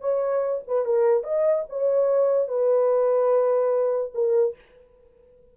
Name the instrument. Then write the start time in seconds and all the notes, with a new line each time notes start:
horn
0.00 C#5
0.67 B4
0.85 A#4
1.23 D#5
1.69 C#5
2.48 B4
4.14 A#4